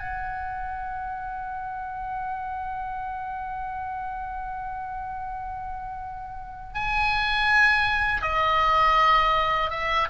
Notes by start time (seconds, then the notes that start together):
0.00 F#5
6.75 G#5
8.22 D#5
9.71 E5